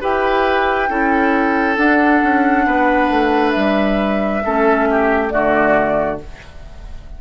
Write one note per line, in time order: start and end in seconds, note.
0.00 0.89 E4
0.00 0.88 G4
0.00 0.89 B4
0.00 1.76 G5
0.89 1.77 C#4
0.89 1.76 E4
0.89 2.66 A4
1.76 4.41 D4
1.76 2.22 D4
1.76 3.51 F#5
2.23 2.66 C#4
2.66 3.10 B3
2.66 4.43 B4
3.10 3.54 A3
3.51 4.44 G3
3.51 5.28 E5
4.44 5.33 A3
4.44 5.30 C#4
4.44 4.88 A4
4.90 5.32 G4
5.29 6.21 D3
5.29 6.18 A3
5.29 6.21 F#4
5.29 6.18 D5